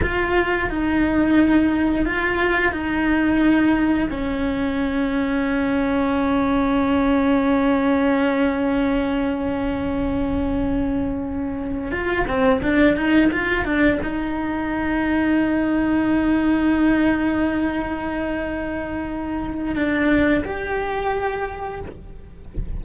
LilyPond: \new Staff \with { instrumentName = "cello" } { \time 4/4 \tempo 4 = 88 f'4 dis'2 f'4 | dis'2 cis'2~ | cis'1~ | cis'1~ |
cis'4. f'8 c'8 d'8 dis'8 f'8 | d'8 dis'2.~ dis'8~ | dis'1~ | dis'4 d'4 g'2 | }